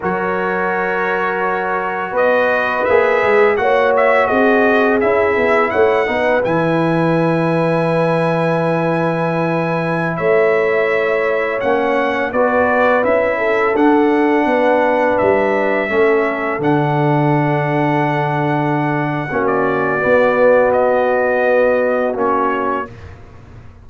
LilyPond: <<
  \new Staff \with { instrumentName = "trumpet" } { \time 4/4 \tempo 4 = 84 cis''2. dis''4 | e''4 fis''8 e''8 dis''4 e''4 | fis''4 gis''2.~ | gis''2~ gis''16 e''4.~ e''16~ |
e''16 fis''4 d''4 e''4 fis''8.~ | fis''4~ fis''16 e''2 fis''8.~ | fis''2.~ fis''16 d''8.~ | d''4 dis''2 cis''4 | }
  \new Staff \with { instrumentName = "horn" } { \time 4/4 ais'2. b'4~ | b'4 cis''4 gis'2 | cis''8 b'2.~ b'8~ | b'2~ b'16 cis''4.~ cis''16~ |
cis''4~ cis''16 b'4. a'4~ a'16~ | a'16 b'2 a'4.~ a'16~ | a'2. fis'4~ | fis'1 | }
  \new Staff \with { instrumentName = "trombone" } { \time 4/4 fis'1 | gis'4 fis'2 e'4~ | e'8 dis'8 e'2.~ | e'1~ |
e'16 cis'4 fis'4 e'4 d'8.~ | d'2~ d'16 cis'4 d'8.~ | d'2. cis'4 | b2. cis'4 | }
  \new Staff \with { instrumentName = "tuba" } { \time 4/4 fis2. b4 | ais8 gis8 ais4 c'4 cis'8 b8 | a8 b8 e2.~ | e2~ e16 a4.~ a16~ |
a16 ais4 b4 cis'4 d'8.~ | d'16 b4 g4 a4 d8.~ | d2. ais4 | b2. ais4 | }
>>